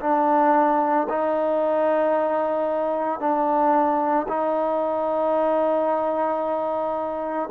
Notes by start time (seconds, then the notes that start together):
0.00 D4
1.09 D#4
3.19 D4
4.28 D#4